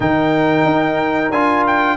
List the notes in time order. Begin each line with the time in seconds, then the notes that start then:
0.00 D#3 D#4 A#4 G5
0.65 D#4
1.30 D4 F4 G#5
1.66 G5